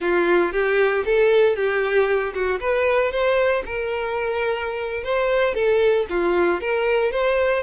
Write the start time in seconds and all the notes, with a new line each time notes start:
0.00 F4
0.52 G4
1.05 A4
1.56 G4
2.33 F#4
2.60 B4
3.11 C5
3.65 A#4
5.03 C5
5.54 A4
6.09 F4
6.60 A#4
7.11 C5